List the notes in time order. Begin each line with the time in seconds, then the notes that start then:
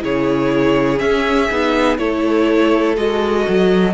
0.00 C#3 E4 G#4 C#5
0.97 C#4 E5
1.51 B3 D#4
1.97 A3 E4 A4 C#5
2.96 G#3 F#4 D#5
3.48 F#3